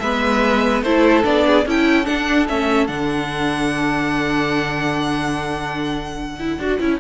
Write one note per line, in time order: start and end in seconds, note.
0.00 0.83 G#3
0.00 0.86 B3
0.00 0.84 B4
0.00 0.82 E5
0.83 1.24 A3
0.83 1.23 E4
0.83 1.45 A4
0.83 1.24 C5
1.23 1.66 B3
1.23 1.64 D4
1.23 1.67 D5
1.47 1.67 G#4
1.66 2.07 C#4
1.66 2.05 E4
1.66 7.00 A4
1.66 2.06 G5
2.05 2.46 D4
2.05 2.49 D4
2.05 2.47 F#5
2.48 2.89 A3
2.48 2.88 C#4
2.48 2.87 E5
2.87 6.58 D3
2.87 6.37 D4
2.87 6.98 F#5
6.40 6.60 E4
6.58 6.79 D4
6.58 6.80 F#4
6.80 7.00 C#4
6.80 7.00 E4